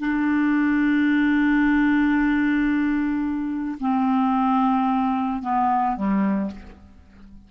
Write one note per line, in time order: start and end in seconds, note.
0.00 3.78 D4
3.81 5.43 C4
5.43 5.97 B3
5.97 6.51 G3